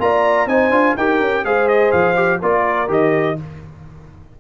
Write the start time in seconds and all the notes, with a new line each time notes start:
0.00 A#3 F4 D5 A#5
0.46 C4 D#4 C5 G#5
0.70 D4 F4
0.97 D#4 G4 A#4 G5
1.21 C#4
1.45 G#3 G#4 C5 F5
1.68 D#5
1.92 F3 F5
2.15 G4
2.42 A#3 F4 A#4 D5
2.88 D#3 G4 D#5